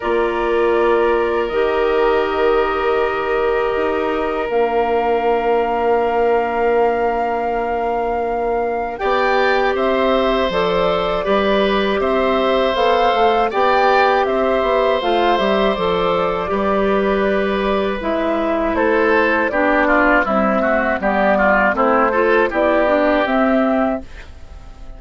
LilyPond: <<
  \new Staff \with { instrumentName = "flute" } { \time 4/4 \tempo 4 = 80 d''2 dis''2~ | dis''2 f''2~ | f''1 | g''4 e''4 d''2 |
e''4 f''4 g''4 e''4 | f''8 e''8 d''2. | e''4 c''4 d''4 e''4 | d''4 c''4 d''4 e''4 | }
  \new Staff \with { instrumentName = "oboe" } { \time 4/4 ais'1~ | ais'1~ | ais'1 | d''4 c''2 b'4 |
c''2 d''4 c''4~ | c''2 b'2~ | b'4 a'4 g'8 f'8 e'8 fis'8 | g'8 f'8 e'8 a'8 g'2 | }
  \new Staff \with { instrumentName = "clarinet" } { \time 4/4 f'2 g'2~ | g'2 d'2~ | d'1 | g'2 a'4 g'4~ |
g'4 a'4 g'2 | f'8 g'8 a'4 g'2 | e'2 d'4 g8 a8 | b4 c'8 f'8 e'8 d'8 c'4 | }
  \new Staff \with { instrumentName = "bassoon" } { \time 4/4 ais2 dis2~ | dis4 dis'4 ais2~ | ais1 | b4 c'4 f4 g4 |
c'4 b8 a8 b4 c'8 b8 | a8 g8 f4 g2 | gis4 a4 b4 c'4 | g4 a4 b4 c'4 | }
>>